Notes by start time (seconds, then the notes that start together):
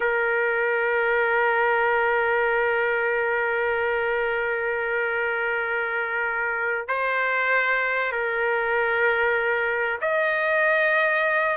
0.00 A#4
6.88 C5
8.11 A#4
10.01 D#5